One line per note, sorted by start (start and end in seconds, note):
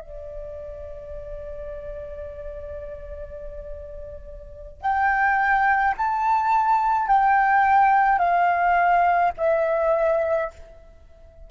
0.00 4.81 D5
4.81 5.94 G5
5.97 7.07 A5
7.07 8.18 G5
8.18 9.31 F5
9.37 10.50 E5